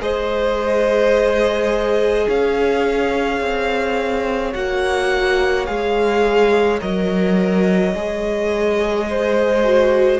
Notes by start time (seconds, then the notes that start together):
0.00 G#3 G#4 C5 D#5
2.28 C#4 C#5 F5
3.40 C4
4.53 A#3 F#4 F#5
5.66 G#3 G#4 F5
6.80 F#3 A#4 D#5
7.94 G#3 G#4
9.10 C5
9.64 F#4